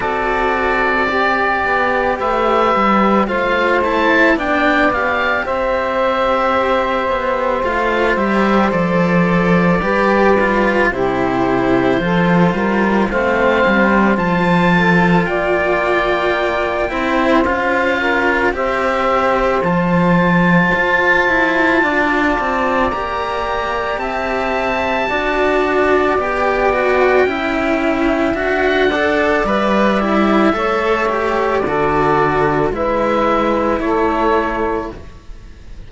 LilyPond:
<<
  \new Staff \with { instrumentName = "oboe" } { \time 4/4 \tempo 4 = 55 d''2 e''4 f''8 a''8 | g''8 f''8 e''2 f''8 e''8 | d''2 c''2 | f''4 a''4 g''2 |
f''4 e''4 a''2~ | a''4 ais''4 a''2 | g''2 fis''4 e''4~ | e''4 d''4 e''4 cis''4 | }
  \new Staff \with { instrumentName = "saxophone" } { \time 4/4 a'4 g'4 b'4 c''4 | d''4 c''2.~ | c''4 b'4 g'4 a'8 ais'8 | c''4. a'8 d''4. c''8~ |
c''8 ais'8 c''2. | d''2 e''4 d''4~ | d''4 e''4. d''4. | cis''4 a'4 b'4 a'4 | }
  \new Staff \with { instrumentName = "cello" } { \time 4/4 fis'4 g'2 f'8 e'8 | d'8 g'2~ g'8 f'8 g'8 | a'4 g'8 f'8 e'4 f'4 | c'4 f'2~ f'8 e'8 |
f'4 g'4 f'2~ | f'4 g'2 fis'4 | g'8 fis'8 e'4 fis'8 a'8 b'8 e'8 | a'8 g'8 fis'4 e'2 | }
  \new Staff \with { instrumentName = "cello" } { \time 4/4 c'4. b8 a8 g8 a4 | b4 c'4. b8 a8 g8 | f4 g4 c4 f8 g8 | a8 g8 f4 ais4. c'8 |
cis'4 c'4 f4 f'8 e'8 | d'8 c'8 ais4 c'4 d'4 | b4 cis'4 d'4 g4 | a4 d4 gis4 a4 | }
>>